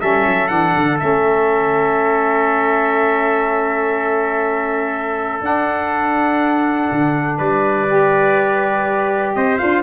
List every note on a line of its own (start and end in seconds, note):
0.00 0.26 G3
0.00 0.48 C#4
0.00 7.37 A4
0.00 0.48 E5
0.27 0.50 F#3
0.48 0.75 E3
0.48 0.97 D4
0.48 0.97 F#5
0.76 1.01 D3
0.98 5.41 A3
0.98 5.40 C#4
0.98 5.42 E5
5.40 7.86 D4
5.40 6.89 D4
5.40 7.38 F#5
6.91 7.39 D3
7.37 9.35 G3
7.37 9.34 B4
7.37 9.34 D5
7.89 9.58 G4
9.34 9.60 C4
9.34 9.82 C5
9.34 9.57 D#5
9.57 9.82 D4
9.57 9.82 F4
9.57 9.82 F5